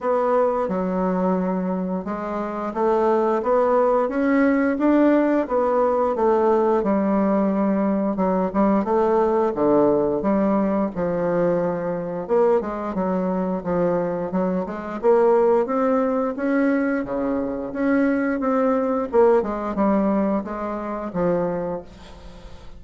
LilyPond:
\new Staff \with { instrumentName = "bassoon" } { \time 4/4 \tempo 4 = 88 b4 fis2 gis4 | a4 b4 cis'4 d'4 | b4 a4 g2 | fis8 g8 a4 d4 g4 |
f2 ais8 gis8 fis4 | f4 fis8 gis8 ais4 c'4 | cis'4 cis4 cis'4 c'4 | ais8 gis8 g4 gis4 f4 | }